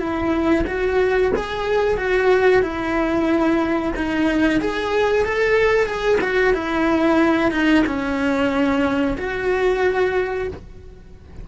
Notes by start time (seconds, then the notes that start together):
0.00 E4
0.67 F#4
1.36 G#4
1.98 F#4
2.63 E4
3.97 D#4
4.61 G#4
5.26 A4
5.86 G#4
6.21 F#4
6.54 E4
7.52 D#4
7.87 C#4
9.18 F#4